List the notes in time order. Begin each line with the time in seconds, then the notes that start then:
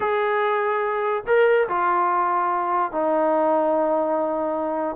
0.00 G#4
1.26 A#4
1.68 F4
2.92 D#4